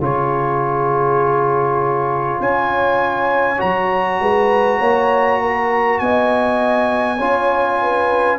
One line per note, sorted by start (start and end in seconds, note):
0.00 2.40 C#3
0.00 3.58 F4
0.00 2.40 G#4
0.00 2.42 C#5
2.40 3.60 C#4
2.40 4.20 C#5
2.40 3.61 G#5
3.58 4.20 F#3
3.58 7.18 F#4
3.58 5.99 A#5
4.20 4.80 G#3
4.20 4.79 B4
4.79 6.00 A#3
4.79 5.39 C#5
5.42 6.02 A#4
5.99 7.21 B3
5.99 7.17 D#5
5.99 8.39 G#5
7.17 8.39 C#4
7.17 8.39 F4
7.17 7.78 C#5
7.82 8.39 B4